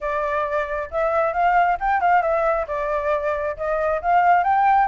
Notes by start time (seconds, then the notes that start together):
0.00 D5
0.90 E5
1.33 F5
1.80 G5
2.00 F5
2.22 E5
2.67 D5
3.56 D#5
4.01 F5
4.43 G5